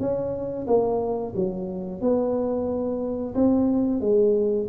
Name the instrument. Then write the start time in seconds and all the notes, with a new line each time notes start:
tuba
0.00 C#4
0.67 A#3
1.36 F#3
2.02 B3
3.35 C4
4.01 G#3